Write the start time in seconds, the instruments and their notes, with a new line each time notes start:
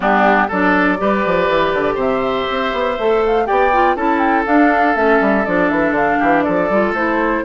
0.00 bassoon G3, clarinet B3, oboe D4, flute G4
0.48 bassoon F#3, clarinet D4, oboe A4, flute D5
0.97 bassoon G3, clarinet G4, oboe B4
1.25 bassoon F3
1.48 bassoon E3
1.74 bassoon D3
1.94 bassoon C3, oboe C5, flute E5
2.50 bassoon C4
2.73 bassoon B3
2.98 bassoon A3, clarinet A4
3.25 flute F5
3.46 bassoon B3, clarinet G4, oboe D5, flute G5
3.72 clarinet F4
3.95 bassoon C#4, clarinet E4, oboe A4, flute A5
4.18 flute G5
4.45 clarinet D4, bassoon D4, flute F5
4.94 bassoon A3, clarinet C#4, flute E5
5.20 bassoon G3
5.45 bassoon F3, clarinet D4, flute D5
5.69 bassoon E3, flute E5
5.91 bassoon D3, flute F5
6.18 bassoon E3, oboe G4
6.42 bassoon F3, oboe A4, flute D5
6.69 bassoon G3, clarinet F4
6.92 bassoon A3, clarinet E4, flute C5